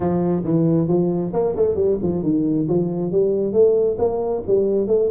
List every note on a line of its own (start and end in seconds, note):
0.00 0.43 F3
0.43 0.88 E3
0.88 1.32 F3
1.33 1.55 A#3
1.56 1.75 A3
1.75 1.97 G3
2.02 2.22 F3
2.22 2.67 D#3
2.68 3.11 F3
3.11 3.53 G3
3.53 3.97 A3
3.98 4.42 A#3
4.47 4.87 G3
4.87 5.09 A3